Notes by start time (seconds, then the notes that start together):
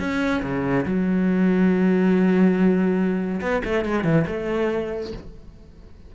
0.00 C#4
0.43 C#3
0.86 F#3
3.42 B3
3.65 A3
3.85 G#3
4.04 E3
4.28 A3